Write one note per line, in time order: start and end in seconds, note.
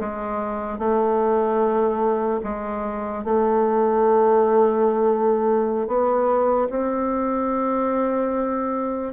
0.00 0.79 G#3
0.79 2.41 A3
2.43 3.24 G#3
3.24 5.87 A3
5.87 6.68 B3
6.70 9.13 C4